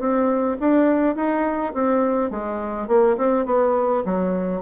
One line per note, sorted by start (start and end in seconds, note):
0.00 0.58 C4
0.61 1.16 D4
1.16 1.74 D#4
1.74 2.31 C4
2.31 2.88 G#3
2.88 3.17 A#3
3.18 3.46 C4
3.46 4.04 B3
4.05 4.62 F#3